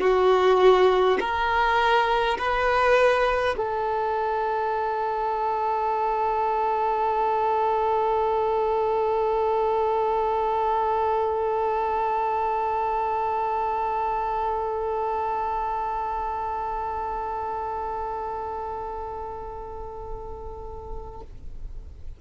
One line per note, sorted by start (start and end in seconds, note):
0.00 1.18 F#4
1.20 2.37 A#4
2.37 3.55 B4
3.56 21.21 A4